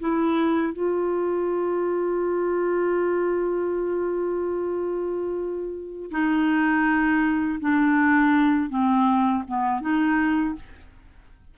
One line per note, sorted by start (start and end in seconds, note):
0.00 0.73 E4
0.73 6.10 F4
6.11 7.60 D#4
7.60 8.69 D4
8.69 9.43 C4
9.47 9.81 B3
9.81 10.55 D#4